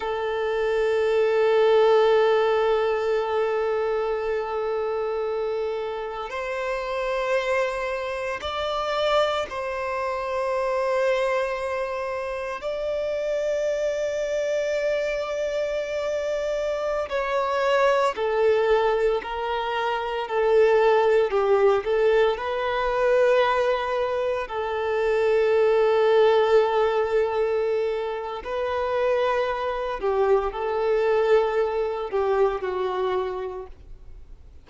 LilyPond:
\new Staff \with { instrumentName = "violin" } { \time 4/4 \tempo 4 = 57 a'1~ | a'2 c''2 | d''4 c''2. | d''1~ |
d''16 cis''4 a'4 ais'4 a'8.~ | a'16 g'8 a'8 b'2 a'8.~ | a'2. b'4~ | b'8 g'8 a'4. g'8 fis'4 | }